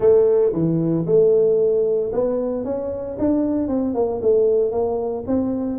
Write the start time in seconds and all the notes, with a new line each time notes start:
0.00 A3
0.53 E3
1.06 A3
2.12 B3
2.64 C#4
3.18 D4
3.68 C4
3.94 A#3
4.22 A3
4.71 A#3
5.27 C4